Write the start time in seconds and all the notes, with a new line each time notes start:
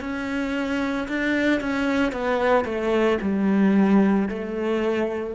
0.00 C#4
1.08 D4
1.60 C#4
2.12 B3
2.64 A3
3.21 G3
4.28 A3